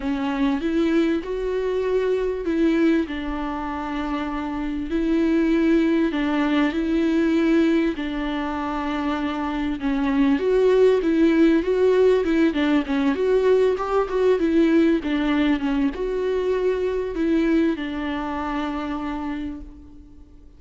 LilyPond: \new Staff \with { instrumentName = "viola" } { \time 4/4 \tempo 4 = 98 cis'4 e'4 fis'2 | e'4 d'2. | e'2 d'4 e'4~ | e'4 d'2. |
cis'4 fis'4 e'4 fis'4 | e'8 d'8 cis'8 fis'4 g'8 fis'8 e'8~ | e'8 d'4 cis'8 fis'2 | e'4 d'2. | }